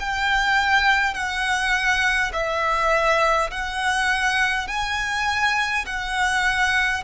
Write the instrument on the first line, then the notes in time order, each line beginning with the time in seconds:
violin
0.00 G5
1.14 F#5
2.33 E5
3.51 F#5
4.67 G#5
5.86 F#5